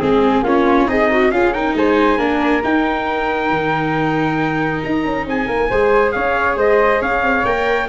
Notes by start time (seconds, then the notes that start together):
0.00 G#3 C4 G#4
0.42 A#3 C#4 F4 C#5
0.87 C4 D#4 G#4 D#5
1.11 F#4
1.31 C#4 F4 G#4 F5
1.53 D#4 A#4 G5
1.75 G#3 C5 G#5
2.19 A#3 D4 A#4
2.63 D#4 G5
3.51 D#3
4.83 D#4 A#5
5.06 C#4
5.26 C4 G#4 G#5
5.47 A#3 A#4
5.70 G#3 G#4 C5
6.12 C#4 C#5 F5
6.57 G#3 C5 D#5
7.01 C#4 C#5 F5
7.23 C4
7.45 A#3 A#4 G5